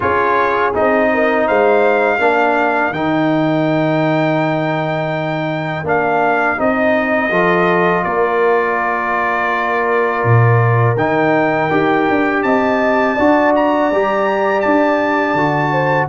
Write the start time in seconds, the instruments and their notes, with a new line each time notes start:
0.00 tuba C#4, trombone F4, horn G#4, trumpet C#5
0.73 tuba C4, trombone D#4, trumpet D#5
1.13 horn A#4
1.46 tuba G#3, horn C5, trumpet F5
2.18 tuba A#3, trombone D4, horn A#4
2.91 tuba D#3, trombone D#4, trumpet G5
5.83 tuba A#3, trombone D4, trumpet F5
6.56 tuba C4, trombone D#4, trumpet D#5
7.30 tuba F3, trombone F4, horn A4
8.03 tuba A#3, horn A#4, trumpet D5
10.24 tuba A#2
10.96 tuba D#3, trombone D#4, trumpet G5
11.70 tuba D#4, trombone G4
12.09 tuba D4
12.43 tuba C4, horn D#5, trumpet A5
13.15 tuba D4, trombone F#4, horn D5
13.55 trumpet A#5
13.91 tuba G3, trombone G4
14.61 tuba D4, trumpet A5
15.33 tuba D3, trombone F#4
15.71 horn C5